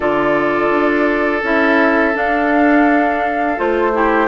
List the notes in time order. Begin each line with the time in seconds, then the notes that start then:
0.00 D3 F4 A4 D5
0.70 D4
1.43 C#4 E4 E5
2.13 D4 F5
3.56 A3 F4 C5
3.93 E4 G4